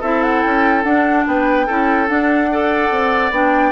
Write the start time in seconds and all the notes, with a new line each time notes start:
0.00 C4 E4 A4 E5
0.22 F#5
0.42 C#4 G5
0.84 D4 F#5
1.27 B3 B4 G5
1.66 C#4 E4 A4
2.07 D4 F#5
2.51 A4 D5
2.91 C4
3.31 B3 D4 G5